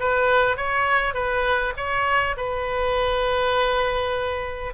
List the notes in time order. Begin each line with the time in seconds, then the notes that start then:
0.00 B4
0.57 C#5
1.14 B4
1.77 C#5
2.37 B4